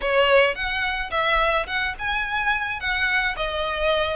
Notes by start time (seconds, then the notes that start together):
0.01 C#5
0.55 F#5
1.11 E5
1.66 F#5
1.98 G#5
2.80 F#5
3.36 D#5